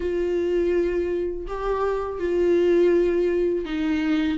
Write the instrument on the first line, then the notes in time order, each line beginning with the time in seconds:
viola
0.00 F4
1.47 G4
2.19 F4
3.65 D#4